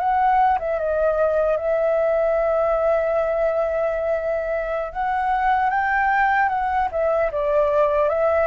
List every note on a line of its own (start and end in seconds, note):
0.00 0.59 F#5
0.60 0.79 E5
0.79 1.57 D#5
1.57 4.93 E5
4.93 5.71 F#5
5.71 6.50 G5
6.50 6.89 F#5
6.92 7.31 E5
7.32 8.10 D5
8.10 8.48 E5